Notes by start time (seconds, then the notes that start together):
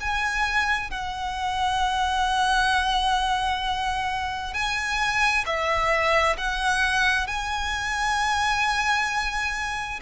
0.00 G#5
0.90 F#5
4.54 G#5
5.45 E5
6.37 F#5
7.27 G#5